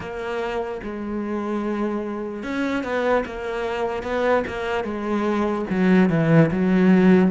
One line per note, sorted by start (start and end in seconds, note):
0.00 0.80 A#3
0.83 2.43 G#3
2.43 2.83 C#4
2.83 3.24 B3
3.25 4.02 A#3
4.02 4.43 B3
4.47 4.84 A#3
4.84 5.65 G#3
5.70 6.09 F#3
6.09 6.50 E3
6.51 7.30 F#3